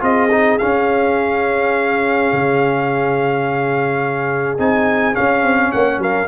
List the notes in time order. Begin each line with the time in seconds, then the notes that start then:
0.00 C4 F4 G#4 D#5
0.31 D#4
0.58 C#4 F5
2.32 C#3
4.58 C4 D#4 G#5
5.13 C#4 F5
5.43 C4
5.71 A#3 C#5 F#5
5.98 F#3 A#4 F5